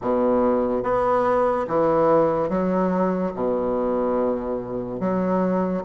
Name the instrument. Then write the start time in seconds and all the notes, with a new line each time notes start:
bassoon
0.02 B2
0.83 B3
1.67 E3
2.49 F#3
3.34 B2
5.00 F#3